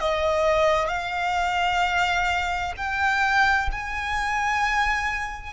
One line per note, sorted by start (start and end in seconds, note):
0.00 0.89 D#5
0.89 2.73 F5
2.77 3.69 G5
3.71 5.53 G#5